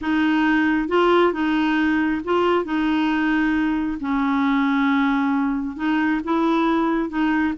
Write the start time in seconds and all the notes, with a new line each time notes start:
0.01 D#4
0.88 F4
1.32 D#4
2.24 F4
2.64 D#4
4.00 C#4
5.76 D#4
6.24 E4
7.09 D#4